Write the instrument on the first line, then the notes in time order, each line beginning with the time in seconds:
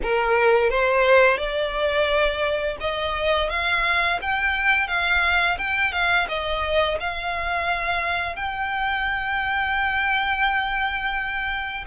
violin
0.02 A#4
0.69 C5
1.37 D5
2.80 D#5
3.49 F5
4.21 G5
4.87 F5
5.58 G5
5.92 F5
6.28 D#5
7.00 F5
8.36 G5